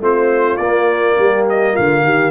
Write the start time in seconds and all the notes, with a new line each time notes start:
0.00 A3 C4 F4 C5
0.57 A#3 D5
1.18 G3 G4
1.49 D#5
1.74 D3 F4 F5
2.03 D#3 G4